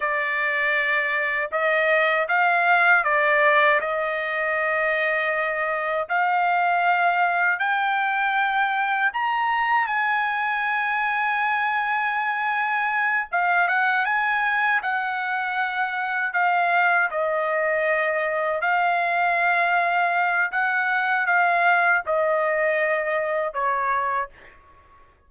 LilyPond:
\new Staff \with { instrumentName = "trumpet" } { \time 4/4 \tempo 4 = 79 d''2 dis''4 f''4 | d''4 dis''2. | f''2 g''2 | ais''4 gis''2.~ |
gis''4. f''8 fis''8 gis''4 fis''8~ | fis''4. f''4 dis''4.~ | dis''8 f''2~ f''8 fis''4 | f''4 dis''2 cis''4 | }